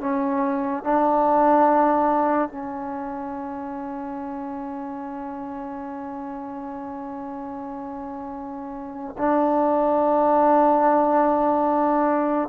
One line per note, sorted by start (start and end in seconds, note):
0.00 0.83 C#4
0.83 2.48 D4
2.48 9.15 C#4
9.17 12.48 D4